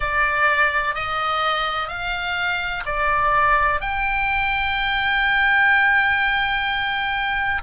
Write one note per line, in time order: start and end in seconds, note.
0.00 0.94 D5
0.94 1.88 D#5
1.88 2.83 F5
2.85 3.81 D5
3.81 7.61 G5